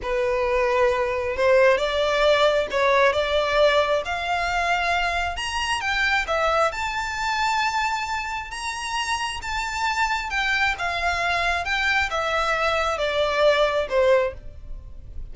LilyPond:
\new Staff \with { instrumentName = "violin" } { \time 4/4 \tempo 4 = 134 b'2. c''4 | d''2 cis''4 d''4~ | d''4 f''2. | ais''4 g''4 e''4 a''4~ |
a''2. ais''4~ | ais''4 a''2 g''4 | f''2 g''4 e''4~ | e''4 d''2 c''4 | }